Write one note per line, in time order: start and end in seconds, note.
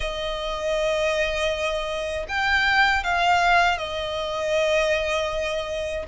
0.00 2.26 D#5
2.28 3.03 G5
3.03 3.78 F5
3.78 6.06 D#5